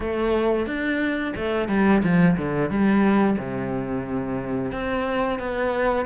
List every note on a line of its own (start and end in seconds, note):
0.00 0.66 A3
0.66 1.33 D4
1.36 1.68 A3
1.68 2.02 G3
2.03 2.37 F3
2.37 2.70 D3
2.70 3.37 G3
3.38 4.72 C3
4.72 5.39 C4
5.39 6.05 B3